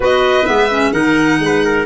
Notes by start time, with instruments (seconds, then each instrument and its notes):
0.00 tuba B3, clarinet F#4, trumpet B4, violin D#5
0.45 tuba G#3, clarinet B3, violin E5
0.70 clarinet C#4
0.92 tuba D#3, clarinet D#4, trumpet A#4, violin F#5
1.39 tuba G#3, trumpet B4
1.64 trumpet A#4